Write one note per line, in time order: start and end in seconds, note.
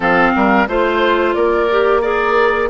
0.00 0.33 F3
0.00 0.67 C4
0.00 0.32 A4
0.00 0.68 F5
0.35 0.67 G3
0.35 0.68 A#4
0.67 1.35 A3
0.67 1.69 F4
0.67 1.35 C5
0.67 1.33 C5
1.33 2.70 A#3
1.33 2.01 A#4
1.33 2.01 D5
1.70 2.02 G4
2.01 2.69 G#4
2.01 2.69 A#4
2.01 2.69 D5